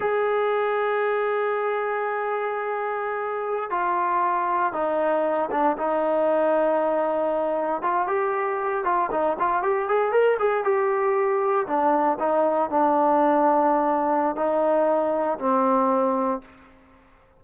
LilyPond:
\new Staff \with { instrumentName = "trombone" } { \time 4/4 \tempo 4 = 117 gis'1~ | gis'2.~ gis'16 f'8.~ | f'4~ f'16 dis'4. d'8 dis'8.~ | dis'2.~ dis'16 f'8 g'16~ |
g'4~ g'16 f'8 dis'8 f'8 g'8 gis'8 ais'16~ | ais'16 gis'8 g'2 d'4 dis'16~ | dis'8. d'2.~ d'16 | dis'2 c'2 | }